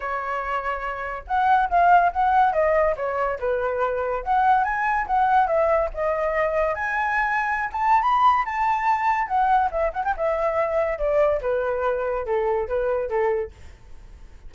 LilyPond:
\new Staff \with { instrumentName = "flute" } { \time 4/4 \tempo 4 = 142 cis''2. fis''4 | f''4 fis''4 dis''4 cis''4 | b'2 fis''4 gis''4 | fis''4 e''4 dis''2 |
gis''2~ gis''16 a''8. b''4 | a''2 fis''4 e''8 fis''16 g''16 | e''2 d''4 b'4~ | b'4 a'4 b'4 a'4 | }